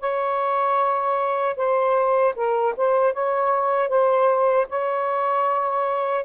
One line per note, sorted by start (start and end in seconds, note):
0.00 1.56 C#5
1.57 2.35 C5
2.36 2.74 A#4
2.77 3.13 C5
3.13 3.89 C#5
3.89 4.67 C5
4.70 6.25 C#5